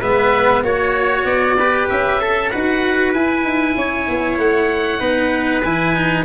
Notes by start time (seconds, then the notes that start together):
0.00 G#3 B3 B4 E5
0.61 A#3 F#4 C#5
1.24 B3 D5
1.58 G4 B4
1.89 C#4 E5
2.20 A4
2.50 D#4 F#4 B4 F#5
3.13 E4 G#5
3.43 D#4
3.75 C#4 C#5
4.08 B3
4.37 A3 F#5
4.98 B3 D#4 B4
5.62 E3 E4 G#5
5.95 D#4